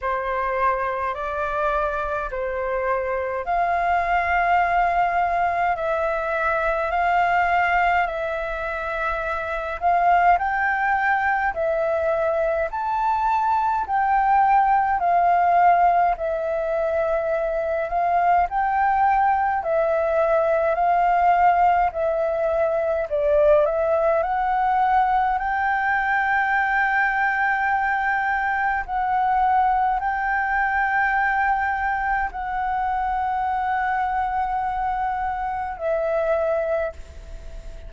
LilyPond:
\new Staff \with { instrumentName = "flute" } { \time 4/4 \tempo 4 = 52 c''4 d''4 c''4 f''4~ | f''4 e''4 f''4 e''4~ | e''8 f''8 g''4 e''4 a''4 | g''4 f''4 e''4. f''8 |
g''4 e''4 f''4 e''4 | d''8 e''8 fis''4 g''2~ | g''4 fis''4 g''2 | fis''2. e''4 | }